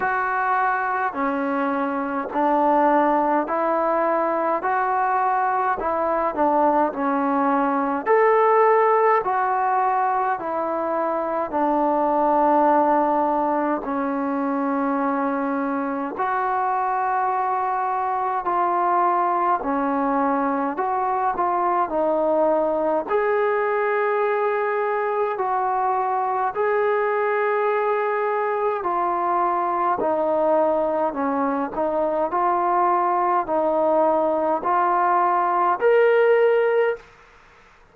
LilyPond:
\new Staff \with { instrumentName = "trombone" } { \time 4/4 \tempo 4 = 52 fis'4 cis'4 d'4 e'4 | fis'4 e'8 d'8 cis'4 a'4 | fis'4 e'4 d'2 | cis'2 fis'2 |
f'4 cis'4 fis'8 f'8 dis'4 | gis'2 fis'4 gis'4~ | gis'4 f'4 dis'4 cis'8 dis'8 | f'4 dis'4 f'4 ais'4 | }